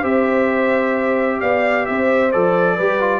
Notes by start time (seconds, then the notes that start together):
0.00 C4 G4 C5 E5
1.40 B3 D5 F5
1.85 C4 C5 E5
2.32 F3 A4 D5
2.75 G3 G4 B4
3.00 F4